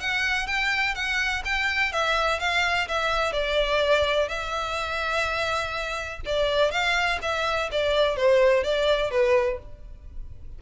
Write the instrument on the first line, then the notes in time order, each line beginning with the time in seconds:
violin
0.00 F#5
0.46 G5
0.95 F#5
1.45 G5
1.92 E5
2.39 F5
2.88 E5
3.32 D5
4.28 E5
6.25 D5
6.71 F5
7.22 E5
7.72 D5
8.16 C5
8.64 D5
9.11 B4